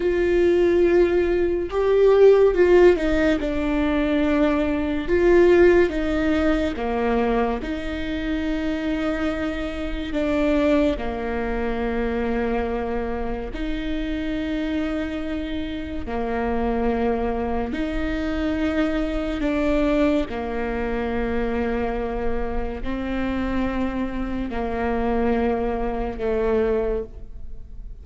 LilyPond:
\new Staff \with { instrumentName = "viola" } { \time 4/4 \tempo 4 = 71 f'2 g'4 f'8 dis'8 | d'2 f'4 dis'4 | ais4 dis'2. | d'4 ais2. |
dis'2. ais4~ | ais4 dis'2 d'4 | ais2. c'4~ | c'4 ais2 a4 | }